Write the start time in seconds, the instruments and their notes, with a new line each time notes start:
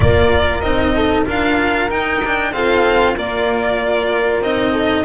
0.00 double bass A#3, cello F4, horn A#4, violin D5
0.60 double bass C4, cello D#4, violin D#5
0.95 horn A4
1.25 double bass D4, cello F4, horn A#4, violin F5
1.89 cello D#4, double bass D#4, violin G5
2.24 cello D4
2.52 cello C4, double bass F4, horn A4, violin F5
3.15 double bass A#3, cello F4, horn A#4, violin D5
4.40 double bass C4, cello D#4, violin D#5
4.72 horn A4